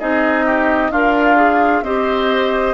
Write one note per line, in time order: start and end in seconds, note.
0.00 0.91 C4
0.00 0.92 D#4
0.00 0.46 G#4
0.00 0.92 D#5
0.46 0.92 G4
0.91 1.82 D4
0.91 1.84 F4
0.91 1.37 A#4
0.91 1.84 F5
1.37 1.83 G#4
1.82 2.75 C4
1.82 2.75 G4
1.82 2.75 C5
1.82 2.75 D#5